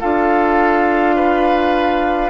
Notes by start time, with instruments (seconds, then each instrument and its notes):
0.00 bassoon D4, clarinet F4, oboe A4, flute F5
1.16 oboe B4